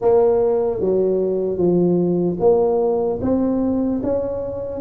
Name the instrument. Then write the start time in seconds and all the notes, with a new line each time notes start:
tuba
0.01 A#3
0.80 F#3
1.57 F3
2.39 A#3
3.21 C4
4.03 C#4